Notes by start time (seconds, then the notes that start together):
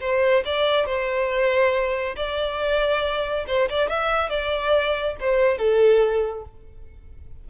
0.00 C5
0.45 D5
0.86 C5
2.16 D5
3.47 C5
3.69 D5
3.89 E5
4.29 D5
5.20 C5
5.58 A4